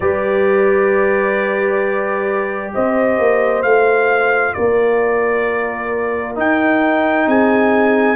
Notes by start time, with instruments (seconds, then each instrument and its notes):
0.00 tuba G3, trombone G4, horn B4, trumpet D5
2.74 tuba C4, horn C5, trumpet D#5
3.18 tuba A#3
3.62 tuba A3, trombone F4, trumpet F5
4.53 tuba A#3, horn A#4, trumpet D5
6.35 trombone D#4, tuba D#4, trumpet G5
7.27 tuba C4, horn G#4, trumpet G#5